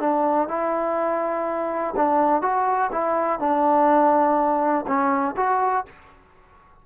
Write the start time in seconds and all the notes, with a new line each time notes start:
0.00 D4
0.49 E4
1.97 D4
2.42 F#4
2.92 E4
3.39 D4
4.87 C#4
5.37 F#4